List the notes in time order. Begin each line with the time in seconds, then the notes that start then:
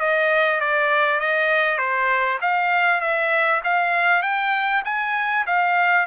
0.00 D#5
0.60 D5
1.20 D#5
1.78 C5
2.41 F5
3.01 E5
3.64 F5
4.22 G5
4.85 G#5
5.46 F5